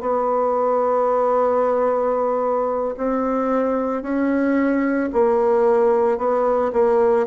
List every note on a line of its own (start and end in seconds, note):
0.00 2.95 B3
2.97 4.02 C4
4.02 5.09 C#4
5.12 6.18 A#3
6.18 6.71 B3
6.73 7.26 A#3